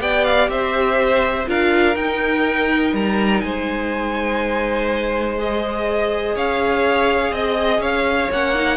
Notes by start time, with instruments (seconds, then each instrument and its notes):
0.00 cello B3, viola G4, violin D5 G5
0.25 violin F5
0.49 cello C4, violin C5 E5
1.47 cello D4, viola F4, violin A#4 F5
1.96 cello D#4, viola D#4, violin G5
2.94 cello G3, violin A#5
3.41 cello G#3, violin C5 G#5
5.39 viola G#4, violin D#5
6.36 cello C#4, violin C#5 F5
7.31 cello C4, violin D#5
7.79 cello C#4, violin C#5 F5
8.32 cello A#3, viola C#4, violin F#5
8.55 viola D#4